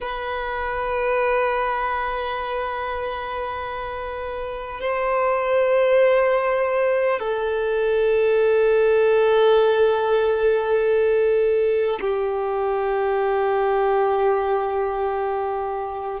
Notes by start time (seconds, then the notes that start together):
0.01 B4
4.80 C5
7.19 A4
12.00 G4